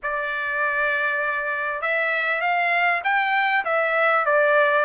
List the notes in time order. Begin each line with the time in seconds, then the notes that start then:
0.02 D5
1.81 E5
2.41 F5
3.03 G5
3.64 E5
4.25 D5